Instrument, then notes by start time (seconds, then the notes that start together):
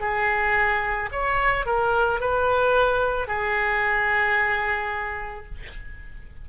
oboe
0.00 G#4
1.12 C#5
1.66 A#4
2.20 B4
3.27 G#4